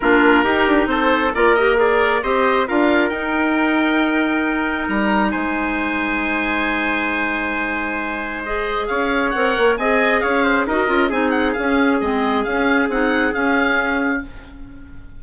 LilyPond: <<
  \new Staff \with { instrumentName = "oboe" } { \time 4/4 \tempo 4 = 135 ais'2 c''4 d''8 dis''8 | ais'4 dis''4 f''4 g''4~ | g''2. ais''4 | gis''1~ |
gis''2. dis''4 | f''4 fis''4 gis''4 f''4 | dis''4 gis''8 fis''8 f''4 dis''4 | f''4 fis''4 f''2 | }
  \new Staff \with { instrumentName = "trumpet" } { \time 4/4 f'4 g'4 a'4 ais'4 | d''4 c''4 ais'2~ | ais'1 | c''1~ |
c''1 | cis''2 dis''4 cis''8 c''8 | ais'4 gis'2.~ | gis'1 | }
  \new Staff \with { instrumentName = "clarinet" } { \time 4/4 d'4 dis'2 f'8 g'8 | gis'4 g'4 f'4 dis'4~ | dis'1~ | dis'1~ |
dis'2. gis'4~ | gis'4 ais'4 gis'2 | fis'8 f'8 dis'4 cis'4 c'4 | cis'4 dis'4 cis'2 | }
  \new Staff \with { instrumentName = "bassoon" } { \time 4/4 ais4 dis'8 d'8 c'4 ais4~ | ais4 c'4 d'4 dis'4~ | dis'2. g4 | gis1~ |
gis1 | cis'4 c'8 ais8 c'4 cis'4 | dis'8 cis'8 c'4 cis'4 gis4 | cis'4 c'4 cis'2 | }
>>